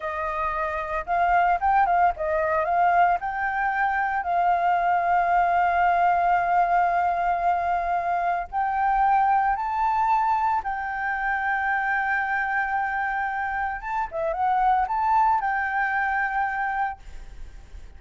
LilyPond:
\new Staff \with { instrumentName = "flute" } { \time 4/4 \tempo 4 = 113 dis''2 f''4 g''8 f''8 | dis''4 f''4 g''2 | f''1~ | f''1 |
g''2 a''2 | g''1~ | g''2 a''8 e''8 fis''4 | a''4 g''2. | }